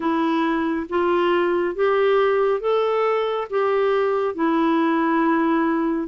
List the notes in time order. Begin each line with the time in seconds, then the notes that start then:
0.00 E4
0.89 F4
1.75 G4
2.60 A4
3.50 G4
4.34 E4